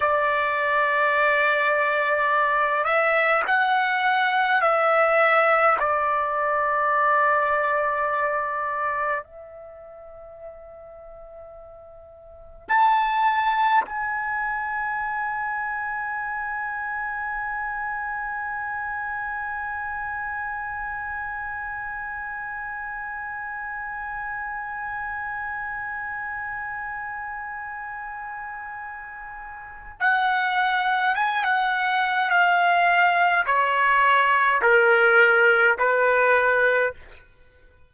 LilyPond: \new Staff \with { instrumentName = "trumpet" } { \time 4/4 \tempo 4 = 52 d''2~ d''8 e''8 fis''4 | e''4 d''2. | e''2. a''4 | gis''1~ |
gis''1~ | gis''1~ | gis''2 fis''4 gis''16 fis''8. | f''4 cis''4 ais'4 b'4 | }